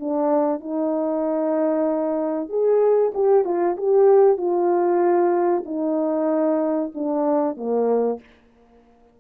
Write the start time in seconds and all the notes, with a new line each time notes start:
0.00 D4
0.61 D#4
2.49 G#4
3.15 G4
3.45 F4
3.77 G4
4.38 F4
5.66 D#4
6.95 D4
7.57 A#3